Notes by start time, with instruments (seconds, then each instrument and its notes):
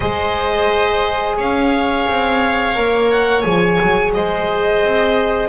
0.00 double bass G#3, horn G#4, oboe C5, violin D#5
1.36 double bass C#4, oboe C#5, violin F5
2.07 double bass C4
2.75 double bass A#3, horn A#4
3.10 violin F#5
3.41 double bass F3, horn G#4, violin G#5
3.81 double bass F#3
4.14 double bass G#3, oboe C5, violin D#5
4.83 double bass C4